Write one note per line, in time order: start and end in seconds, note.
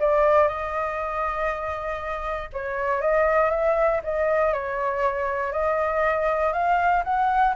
0.00 0.48 D5
0.48 2.50 D#5
2.53 3.01 C#5
3.01 3.51 D#5
3.51 4.01 E5
4.04 4.53 D#5
4.53 5.52 C#5
5.52 6.53 D#5
6.53 7.03 F5
7.04 7.54 F#5